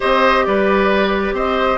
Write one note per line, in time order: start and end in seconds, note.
0.00 0.46 C4
0.00 1.78 G4
0.00 0.44 C5
0.00 0.45 D#5
0.45 1.32 G3
0.45 1.35 B4
0.45 1.34 D5
1.32 1.77 C4
1.32 1.78 C5
1.32 1.78 D#5